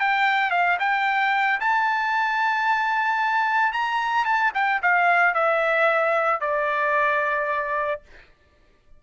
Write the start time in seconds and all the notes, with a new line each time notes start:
0.00 G5
0.51 F5
0.80 G5
1.60 A5
3.73 A#5
4.25 A5
4.54 G5
4.82 F5
5.34 E5
6.41 D5